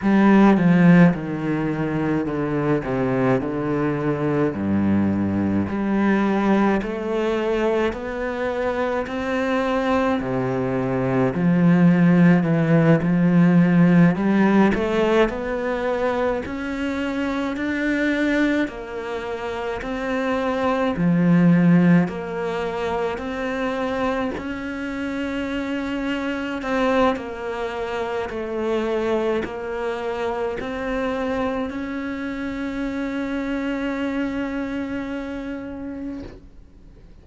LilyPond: \new Staff \with { instrumentName = "cello" } { \time 4/4 \tempo 4 = 53 g8 f8 dis4 d8 c8 d4 | g,4 g4 a4 b4 | c'4 c4 f4 e8 f8~ | f8 g8 a8 b4 cis'4 d'8~ |
d'8 ais4 c'4 f4 ais8~ | ais8 c'4 cis'2 c'8 | ais4 a4 ais4 c'4 | cis'1 | }